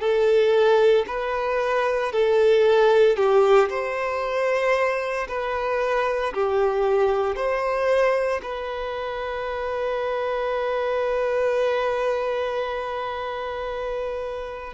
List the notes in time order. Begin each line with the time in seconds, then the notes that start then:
0.00 A4
1.07 B4
2.12 A4
3.16 G4
3.69 C5
5.28 B4
6.33 G4
7.35 C5
8.42 B4